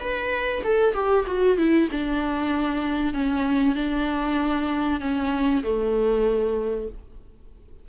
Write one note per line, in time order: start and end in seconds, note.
0.00 0.62 B4
0.64 0.94 A4
0.94 1.25 G4
1.27 1.57 F#4
1.57 1.89 E4
1.91 3.14 D4
3.14 3.75 C#4
3.75 5.00 D4
5.00 5.63 C#4
5.63 6.88 A3